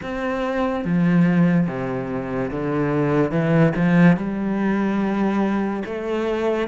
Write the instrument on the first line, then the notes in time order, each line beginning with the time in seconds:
cello
0.02 C4
0.84 F3
1.67 C3
2.50 D3
3.31 E3
3.75 F3
4.16 G3
5.85 A3